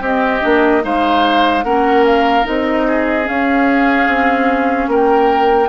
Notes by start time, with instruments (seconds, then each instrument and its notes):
0.00 bassoon C4, clarinet C4, oboe G4, flute D#5
0.41 bassoon A#3, clarinet D4
0.81 bassoon G#3, clarinet D#4, oboe C5, flute F5
1.64 bassoon A#3, clarinet C#4, oboe A#4, flute F#5
2.05 flute F5
2.44 bassoon C4, clarinet D#4, flute D#5
2.87 oboe G#4
3.23 clarinet C#4, bassoon C#4, flute F5
4.07 bassoon C4
4.87 bassoon A#3, oboe A#4, flute G5